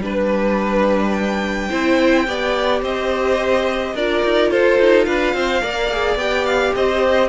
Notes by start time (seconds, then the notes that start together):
0.00 G3 D4 B4
1.13 G5
1.69 C4 E4 C5
2.27 B3 G4 D5
2.81 C4 C5 D#5
3.94 D4 F4 A#4 D5
4.23 D#4
4.51 F4 A4 C5
4.79 D#4
5.05 D4 B4 F5
5.34 C4 C5
5.62 A#3 A#4 D5
5.91 G#4
6.15 B3 G4 G5
6.45 F5
6.75 C4 C5 D#5